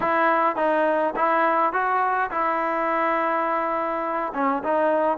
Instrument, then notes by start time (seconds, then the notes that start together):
trombone
0.00 E4
0.56 D#4
1.16 E4
1.72 F#4
2.30 E4
4.33 C#4
4.63 D#4